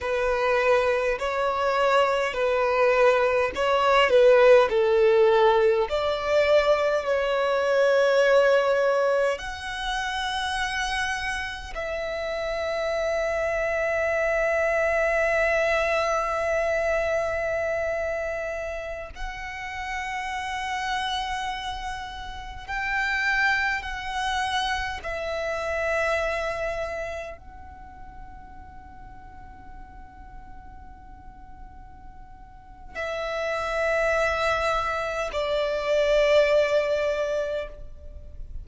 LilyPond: \new Staff \with { instrumentName = "violin" } { \time 4/4 \tempo 4 = 51 b'4 cis''4 b'4 cis''8 b'8 | a'4 d''4 cis''2 | fis''2 e''2~ | e''1~ |
e''16 fis''2. g''8.~ | g''16 fis''4 e''2 fis''8.~ | fis''1 | e''2 d''2 | }